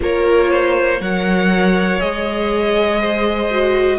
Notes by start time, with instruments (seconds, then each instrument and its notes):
0.00 cello A#3, viola F4, violin A#4 C#5
0.50 violin C5
1.00 cello F#3, viola A#4, violin C#5 F#5
1.99 cello G#3, viola G#4, violin D#5
3.00 violin C5
3.50 viola F#4